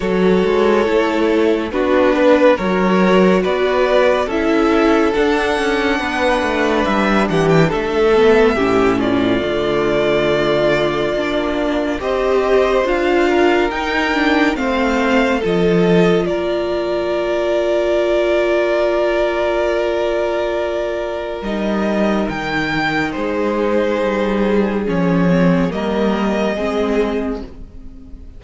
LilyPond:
<<
  \new Staff \with { instrumentName = "violin" } { \time 4/4 \tempo 4 = 70 cis''2 b'4 cis''4 | d''4 e''4 fis''2 | e''8 fis''16 g''16 e''4. d''4.~ | d''2 dis''4 f''4 |
g''4 f''4 dis''4 d''4~ | d''1~ | d''4 dis''4 g''4 c''4~ | c''4 cis''4 dis''2 | }
  \new Staff \with { instrumentName = "violin" } { \time 4/4 a'2 fis'8 b'8 ais'4 | b'4 a'2 b'4~ | b'8 g'8 a'4 g'8 f'4.~ | f'2 c''4. ais'8~ |
ais'4 c''4 a'4 ais'4~ | ais'1~ | ais'2. gis'4~ | gis'2 ais'4 gis'4 | }
  \new Staff \with { instrumentName = "viola" } { \time 4/4 fis'4 e'4 d'4 fis'4~ | fis'4 e'4 d'2~ | d'4. b8 cis'4 a4~ | a4 d'4 g'4 f'4 |
dis'8 d'8 c'4 f'2~ | f'1~ | f'4 dis'2.~ | dis'4 cis'8 c'8 ais4 c'4 | }
  \new Staff \with { instrumentName = "cello" } { \time 4/4 fis8 gis8 a4 b4 fis4 | b4 cis'4 d'8 cis'8 b8 a8 | g8 e8 a4 a,4 d4~ | d4 ais4 c'4 d'4 |
dis'4 a4 f4 ais4~ | ais1~ | ais4 g4 dis4 gis4 | g4 f4 g4 gis4 | }
>>